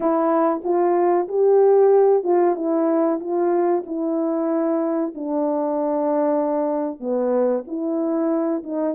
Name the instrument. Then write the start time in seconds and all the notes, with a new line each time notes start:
horn
0.00 E4
0.64 F4
1.28 G4
2.23 F4
2.55 E4
3.19 F4
3.86 E4
5.14 D4
7.00 B3
7.67 E4
8.63 D#4